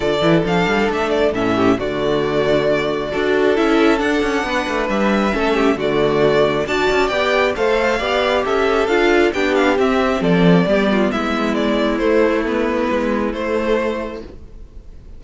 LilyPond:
<<
  \new Staff \with { instrumentName = "violin" } { \time 4/4 \tempo 4 = 135 d''4 f''4 e''8 d''8 e''4 | d''1 | e''4 fis''2 e''4~ | e''4 d''2 a''4 |
g''4 f''2 e''4 | f''4 g''8 f''8 e''4 d''4~ | d''4 e''4 d''4 c''4 | b'2 c''2 | }
  \new Staff \with { instrumentName = "violin" } { \time 4/4 a'2.~ a'8 g'8 | fis'2. a'4~ | a'2 b'2 | a'8 g'8 fis'2 d''4~ |
d''4 c''4 d''4 a'4~ | a'4 g'2 a'4 | g'8 f'8 e'2.~ | e'1 | }
  \new Staff \with { instrumentName = "viola" } { \time 4/4 f'8 e'8 d'2 cis'4 | a2. fis'4 | e'4 d'2. | cis'4 a2 fis'4 |
g'4 a'4 g'2 | f'4 d'4 c'2 | b2. a4 | b2 a2 | }
  \new Staff \with { instrumentName = "cello" } { \time 4/4 d8 e8 f8 g8 a4 a,4 | d2. d'4 | cis'4 d'8 cis'8 b8 a8 g4 | a4 d2 d'8 cis'8 |
b4 a4 b4 cis'4 | d'4 b4 c'4 f4 | g4 gis2 a4~ | a4 gis4 a2 | }
>>